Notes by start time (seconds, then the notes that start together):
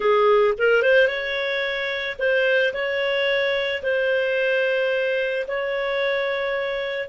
0.00 G#4
0.58 A#4
0.82 C5
1.07 C#5
2.18 C5
2.73 C#5
3.83 C5
5.47 C#5